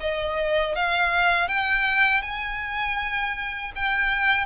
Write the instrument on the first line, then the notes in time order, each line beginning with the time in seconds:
violin
0.00 D#5
0.75 F5
1.48 G5
2.22 G#5
3.75 G5